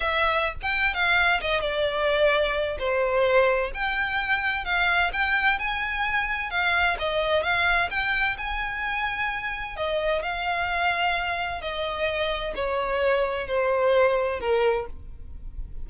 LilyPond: \new Staff \with { instrumentName = "violin" } { \time 4/4 \tempo 4 = 129 e''4~ e''16 g''8. f''4 dis''8 d''8~ | d''2 c''2 | g''2 f''4 g''4 | gis''2 f''4 dis''4 |
f''4 g''4 gis''2~ | gis''4 dis''4 f''2~ | f''4 dis''2 cis''4~ | cis''4 c''2 ais'4 | }